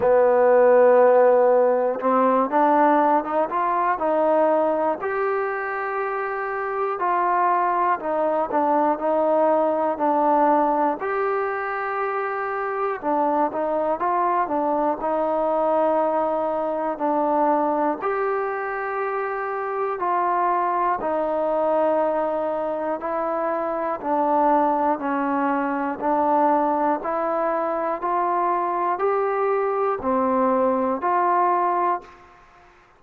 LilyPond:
\new Staff \with { instrumentName = "trombone" } { \time 4/4 \tempo 4 = 60 b2 c'8 d'8. dis'16 f'8 | dis'4 g'2 f'4 | dis'8 d'8 dis'4 d'4 g'4~ | g'4 d'8 dis'8 f'8 d'8 dis'4~ |
dis'4 d'4 g'2 | f'4 dis'2 e'4 | d'4 cis'4 d'4 e'4 | f'4 g'4 c'4 f'4 | }